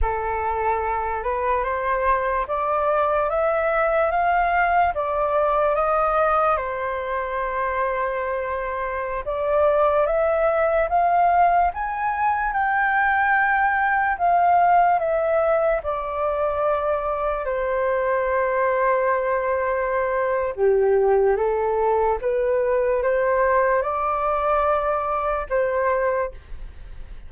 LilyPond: \new Staff \with { instrumentName = "flute" } { \time 4/4 \tempo 4 = 73 a'4. b'8 c''4 d''4 | e''4 f''4 d''4 dis''4 | c''2.~ c''16 d''8.~ | d''16 e''4 f''4 gis''4 g''8.~ |
g''4~ g''16 f''4 e''4 d''8.~ | d''4~ d''16 c''2~ c''8.~ | c''4 g'4 a'4 b'4 | c''4 d''2 c''4 | }